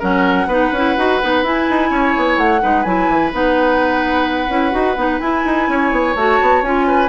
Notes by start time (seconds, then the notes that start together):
0.00 F#3 C#4 A#4 F#5
0.47 B3 D#4 B4
0.72 C#4 E4
0.98 D#4 F#4
1.23 B3 D#4
1.44 E4 G#5
1.70 D#4
1.91 C#4 C#5
2.17 B3
2.38 A3 F#5
2.61 G#3 D#4 B4
2.83 F#3 E4 G#5
3.09 E3
3.33 B3 D#4 F#5
4.49 C#4 E4
4.72 D#4 F#4
4.97 B3 D#4
5.20 E4 G#5
5.46 D#4
5.69 C#4 C#5
5.92 B3
6.16 A3 F#4 A5
6.42 B3
6.63 C#4 F4 G#5
6.88 B4